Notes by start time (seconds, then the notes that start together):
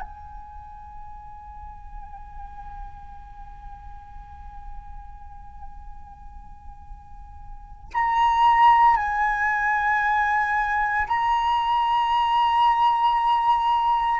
0.00 G#5
7.93 A#5
8.96 G#5
11.07 A#5